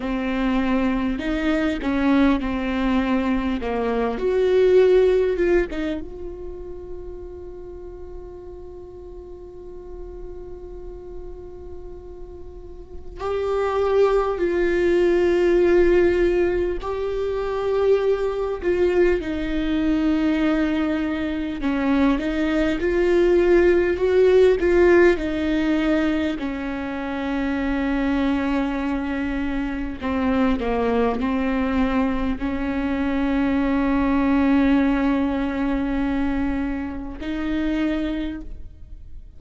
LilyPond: \new Staff \with { instrumentName = "viola" } { \time 4/4 \tempo 4 = 50 c'4 dis'8 cis'8 c'4 ais8 fis'8~ | fis'8 f'16 dis'16 f'2.~ | f'2. g'4 | f'2 g'4. f'8 |
dis'2 cis'8 dis'8 f'4 | fis'8 f'8 dis'4 cis'2~ | cis'4 c'8 ais8 c'4 cis'4~ | cis'2. dis'4 | }